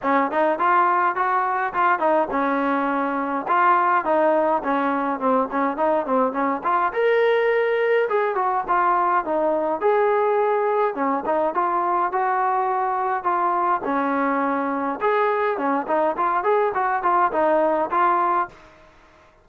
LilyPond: \new Staff \with { instrumentName = "trombone" } { \time 4/4 \tempo 4 = 104 cis'8 dis'8 f'4 fis'4 f'8 dis'8 | cis'2 f'4 dis'4 | cis'4 c'8 cis'8 dis'8 c'8 cis'8 f'8 | ais'2 gis'8 fis'8 f'4 |
dis'4 gis'2 cis'8 dis'8 | f'4 fis'2 f'4 | cis'2 gis'4 cis'8 dis'8 | f'8 gis'8 fis'8 f'8 dis'4 f'4 | }